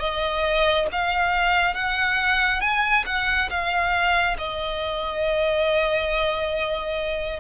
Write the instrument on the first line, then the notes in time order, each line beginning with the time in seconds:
violin
0.00 D#5
0.92 F5
1.75 F#5
2.61 G#5
3.06 F#5
3.50 F5
4.39 D#5